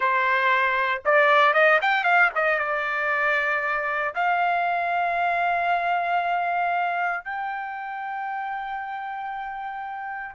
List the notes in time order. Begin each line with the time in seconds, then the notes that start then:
0.00 C5
1.05 D5
1.53 D#5
1.81 G5
2.04 F5
2.35 D#5
2.58 D5
4.14 F5
7.24 G5